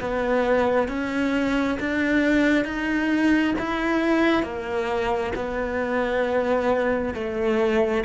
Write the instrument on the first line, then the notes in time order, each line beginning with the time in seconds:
cello
0.00 B3
0.88 C#4
1.80 D4
2.65 D#4
3.59 E4
4.43 A#3
5.35 B3
7.14 A3